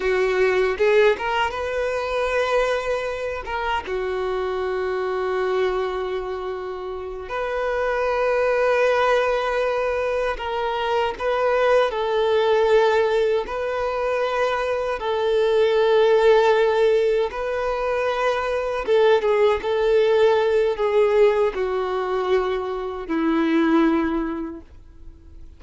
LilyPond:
\new Staff \with { instrumentName = "violin" } { \time 4/4 \tempo 4 = 78 fis'4 gis'8 ais'8 b'2~ | b'8 ais'8 fis'2.~ | fis'4. b'2~ b'8~ | b'4. ais'4 b'4 a'8~ |
a'4. b'2 a'8~ | a'2~ a'8 b'4.~ | b'8 a'8 gis'8 a'4. gis'4 | fis'2 e'2 | }